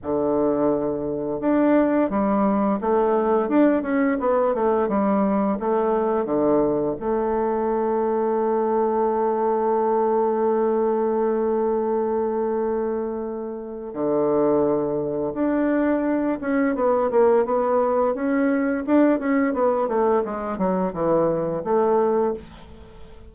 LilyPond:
\new Staff \with { instrumentName = "bassoon" } { \time 4/4 \tempo 4 = 86 d2 d'4 g4 | a4 d'8 cis'8 b8 a8 g4 | a4 d4 a2~ | a1~ |
a1 | d2 d'4. cis'8 | b8 ais8 b4 cis'4 d'8 cis'8 | b8 a8 gis8 fis8 e4 a4 | }